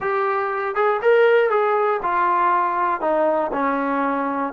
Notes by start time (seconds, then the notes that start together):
0.00 G4
0.75 G#4
1.02 A#4
1.49 G#4
2.02 F4
3.00 D#4
3.52 C#4